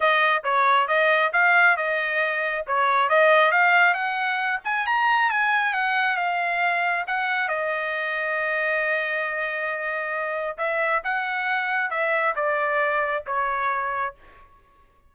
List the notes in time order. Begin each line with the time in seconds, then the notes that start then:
0.00 D#5
0.43 C#5
0.87 D#5
1.32 F5
1.76 D#5
2.67 C#5
3.09 D#5
3.51 F5
3.93 F#5
4.64 G#5
4.86 A#5
5.30 G#5
5.73 F#5
6.16 F5
7.07 F#5
7.48 D#5
10.57 E5
11.04 F#5
11.90 E5
12.35 D5
13.26 C#5